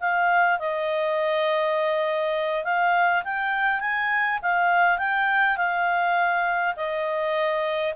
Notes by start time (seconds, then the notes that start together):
0.00 F5
0.59 D#5
2.64 F5
3.24 G5
3.80 G#5
4.42 F5
4.98 G5
5.57 F5
6.76 D#5